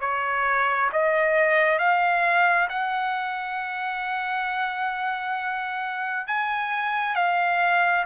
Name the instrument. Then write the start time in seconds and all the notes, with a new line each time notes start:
trumpet
0.00 C#5
0.92 D#5
1.79 F5
2.69 F#5
6.27 G#5
7.15 F5